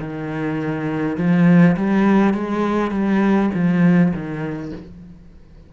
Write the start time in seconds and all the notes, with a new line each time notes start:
0.00 D#3
1.18 F3
1.77 G3
2.34 G#3
2.91 G3
3.55 F3
4.14 D#3